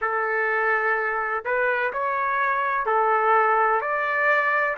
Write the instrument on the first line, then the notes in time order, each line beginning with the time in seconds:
trumpet
0.01 A4
1.45 B4
1.92 C#5
2.86 A4
3.81 D5